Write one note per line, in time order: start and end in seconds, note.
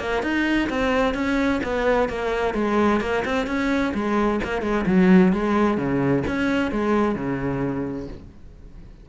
0.00 0.23 A#3
0.23 0.69 D#4
0.70 1.15 C4
1.15 1.61 C#4
1.64 2.09 B3
2.09 2.55 A#3
2.55 3.01 G#3
3.01 3.24 A#3
3.25 3.47 C4
3.47 3.93 C#4
3.94 4.41 G#3
4.44 4.62 A#3
4.62 4.85 G#3
4.87 5.33 F#3
5.33 5.78 G#3
5.78 6.24 C#3
6.27 6.72 C#4
6.72 7.16 G#3
7.16 8.08 C#3